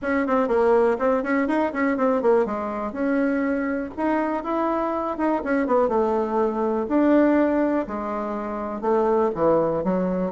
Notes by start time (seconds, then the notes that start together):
0.02 C#4
0.27 C4
0.48 A#3
0.98 C4
1.23 C#4
1.47 D#4
1.72 C#4
1.97 C4
2.22 A#3
2.45 G#3
2.92 C#4
3.96 D#4
4.43 E4
5.17 D#4
5.44 C#4
5.66 B3
5.88 A3
6.88 D4
7.87 G#3
8.81 A3
9.34 E3
9.84 F#3